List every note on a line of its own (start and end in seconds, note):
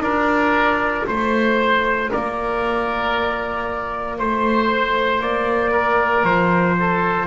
0.00 1.03 D4
0.00 7.27 F4
0.00 1.07 A#4
0.00 1.06 D5
1.08 2.12 A3
1.08 2.11 C5
2.11 4.20 A#3
2.11 4.18 A#4
2.11 4.20 D5
4.19 5.21 A3
4.19 5.72 C5
4.19 5.22 C5
5.21 6.24 A#3
5.21 6.25 D5
5.72 6.75 A#4
6.24 7.27 F3
6.24 7.27 C5
6.80 7.27 A4